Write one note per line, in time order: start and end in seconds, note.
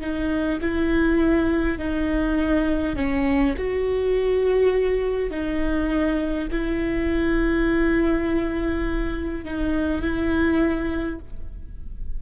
0.00 0.59 D#4
0.61 1.78 E4
1.78 2.96 D#4
2.96 3.55 C#4
3.57 5.30 F#4
5.30 6.48 D#4
6.51 9.44 E4
9.44 10.01 D#4
10.01 11.19 E4